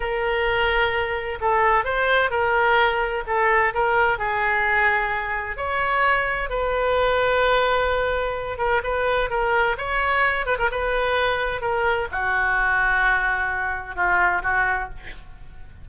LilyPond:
\new Staff \with { instrumentName = "oboe" } { \time 4/4 \tempo 4 = 129 ais'2. a'4 | c''4 ais'2 a'4 | ais'4 gis'2. | cis''2 b'2~ |
b'2~ b'8 ais'8 b'4 | ais'4 cis''4. b'16 ais'16 b'4~ | b'4 ais'4 fis'2~ | fis'2 f'4 fis'4 | }